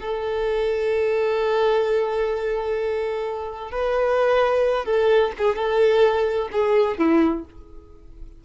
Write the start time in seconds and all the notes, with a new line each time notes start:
0.00 A4
3.71 B4
4.85 A4
5.38 G#4
5.56 A4
6.52 G#4
6.98 E4